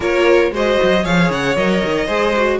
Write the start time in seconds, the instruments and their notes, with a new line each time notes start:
0.00 cello A#3, viola F4, violin A#4 C#5
0.51 cello G#3, viola F#4, violin C5 D#5
0.82 cello F#3
1.03 cello F3, viola G#4, violin C#5 F5
1.30 cello C#3, violin F#5
1.55 cello F#3, viola A#4, violin D#5
1.84 cello D#3
2.06 cello G#3, viola G#4, violin C5
2.36 viola F#4